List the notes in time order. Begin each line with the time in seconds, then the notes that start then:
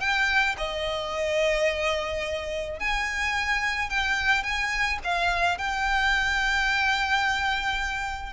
0.00 G5
0.58 D#5
2.80 G#5
3.90 G5
4.43 G#5
5.04 F5
5.58 G5